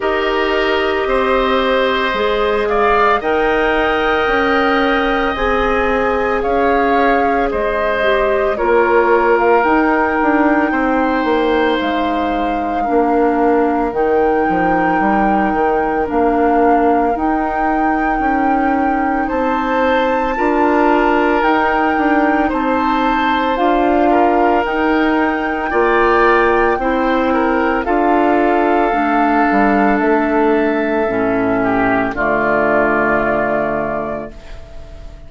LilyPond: <<
  \new Staff \with { instrumentName = "flute" } { \time 4/4 \tempo 4 = 56 dis''2~ dis''8 f''8 g''4~ | g''4 gis''4 f''4 dis''4 | cis''8. f''16 g''2 f''4~ | f''4 g''2 f''4 |
g''2 a''2 | g''4 a''4 f''4 g''4~ | g''2 f''2 | e''2 d''2 | }
  \new Staff \with { instrumentName = "oboe" } { \time 4/4 ais'4 c''4. d''8 dis''4~ | dis''2 cis''4 c''4 | ais'2 c''2 | ais'1~ |
ais'2 c''4 ais'4~ | ais'4 c''4. ais'4. | d''4 c''8 ais'8 a'2~ | a'4. g'8 f'2 | }
  \new Staff \with { instrumentName = "clarinet" } { \time 4/4 g'2 gis'4 ais'4~ | ais'4 gis'2~ gis'8 g'8 | f'4 dis'2. | d'4 dis'2 d'4 |
dis'2. f'4 | dis'2 f'4 dis'4 | f'4 e'4 f'4 d'4~ | d'4 cis'4 a2 | }
  \new Staff \with { instrumentName = "bassoon" } { \time 4/4 dis'4 c'4 gis4 dis'4 | cis'4 c'4 cis'4 gis4 | ais4 dis'8 d'8 c'8 ais8 gis4 | ais4 dis8 f8 g8 dis8 ais4 |
dis'4 cis'4 c'4 d'4 | dis'8 d'8 c'4 d'4 dis'4 | ais4 c'4 d'4 a8 g8 | a4 a,4 d2 | }
>>